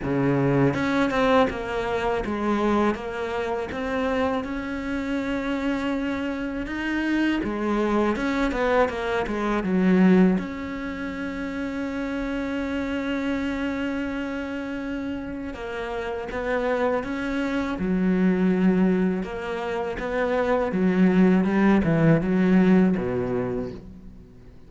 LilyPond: \new Staff \with { instrumentName = "cello" } { \time 4/4 \tempo 4 = 81 cis4 cis'8 c'8 ais4 gis4 | ais4 c'4 cis'2~ | cis'4 dis'4 gis4 cis'8 b8 | ais8 gis8 fis4 cis'2~ |
cis'1~ | cis'4 ais4 b4 cis'4 | fis2 ais4 b4 | fis4 g8 e8 fis4 b,4 | }